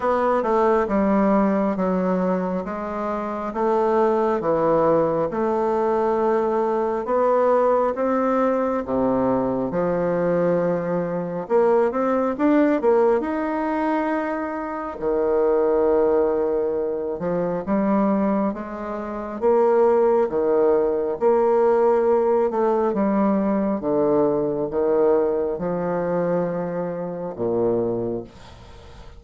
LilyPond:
\new Staff \with { instrumentName = "bassoon" } { \time 4/4 \tempo 4 = 68 b8 a8 g4 fis4 gis4 | a4 e4 a2 | b4 c'4 c4 f4~ | f4 ais8 c'8 d'8 ais8 dis'4~ |
dis'4 dis2~ dis8 f8 | g4 gis4 ais4 dis4 | ais4. a8 g4 d4 | dis4 f2 ais,4 | }